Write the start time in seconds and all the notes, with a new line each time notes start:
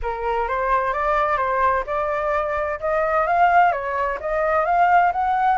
0.02 A#4
0.48 C5
0.93 D5
1.37 C5
1.86 D5
2.80 D#5
3.26 F5
3.71 C#5
4.20 D#5
4.65 F5
5.12 F#5